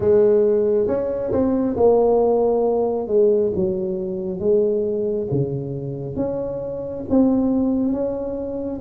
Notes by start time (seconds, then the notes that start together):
0.00 G#3
0.87 C#4
1.32 C4
1.76 A#3
3.07 G#3
3.55 F#3
4.39 G#3
5.31 C#3
6.16 C#4
7.09 C4
7.92 C#4